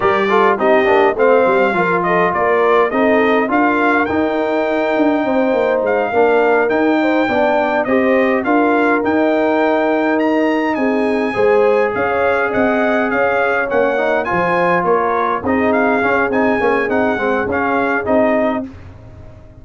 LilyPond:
<<
  \new Staff \with { instrumentName = "trumpet" } { \time 4/4 \tempo 4 = 103 d''4 dis''4 f''4. dis''8 | d''4 dis''4 f''4 g''4~ | g''2 f''4. g''8~ | g''4. dis''4 f''4 g''8~ |
g''4. ais''4 gis''4.~ | gis''8 f''4 fis''4 f''4 fis''8~ | fis''8 gis''4 cis''4 dis''8 f''4 | gis''4 fis''4 f''4 dis''4 | }
  \new Staff \with { instrumentName = "horn" } { \time 4/4 ais'8 a'8 g'4 c''4 ais'8 a'8 | ais'4 a'4 ais'2~ | ais'4 c''4. ais'4. | c''8 d''4 c''4 ais'4.~ |
ais'2~ ais'8 gis'4 c''8~ | c''8 cis''4 dis''4 cis''4.~ | cis''8 c''4 ais'4 gis'4.~ | gis'1 | }
  \new Staff \with { instrumentName = "trombone" } { \time 4/4 g'8 f'8 dis'8 d'8 c'4 f'4~ | f'4 dis'4 f'4 dis'4~ | dis'2~ dis'8 d'4 dis'8~ | dis'8 d'4 g'4 f'4 dis'8~ |
dis'2.~ dis'8 gis'8~ | gis'2.~ gis'8 cis'8 | dis'8 f'2 dis'4 cis'8 | dis'8 cis'8 dis'8 c'8 cis'4 dis'4 | }
  \new Staff \with { instrumentName = "tuba" } { \time 4/4 g4 c'8 ais8 a8 g8 f4 | ais4 c'4 d'4 dis'4~ | dis'8 d'8 c'8 ais8 gis8 ais4 dis'8~ | dis'8 b4 c'4 d'4 dis'8~ |
dis'2~ dis'8 c'4 gis8~ | gis8 cis'4 c'4 cis'4 ais8~ | ais8 f4 ais4 c'4 cis'8 | c'8 ais8 c'8 gis8 cis'4 c'4 | }
>>